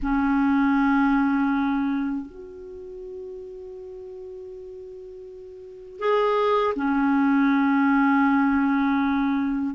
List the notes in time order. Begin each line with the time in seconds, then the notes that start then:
0.02 C#4
2.26 F#4
5.99 G#4
6.75 C#4